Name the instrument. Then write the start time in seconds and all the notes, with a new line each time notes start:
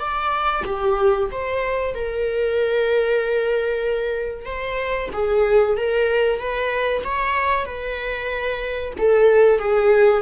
viola
0.00 D5
0.66 G4
1.32 C5
1.95 A#4
4.46 C5
5.14 G#4
5.77 A#4
6.39 B4
7.05 C#5
7.66 B4
8.99 A4
9.59 G#4